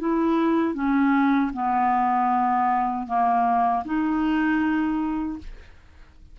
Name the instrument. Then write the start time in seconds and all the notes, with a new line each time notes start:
clarinet
0.00 E4
0.74 C#4
1.53 B3
3.07 A#3
3.85 D#4